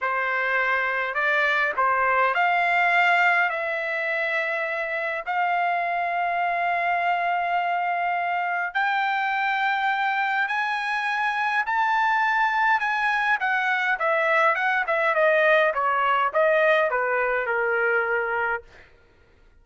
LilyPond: \new Staff \with { instrumentName = "trumpet" } { \time 4/4 \tempo 4 = 103 c''2 d''4 c''4 | f''2 e''2~ | e''4 f''2.~ | f''2. g''4~ |
g''2 gis''2 | a''2 gis''4 fis''4 | e''4 fis''8 e''8 dis''4 cis''4 | dis''4 b'4 ais'2 | }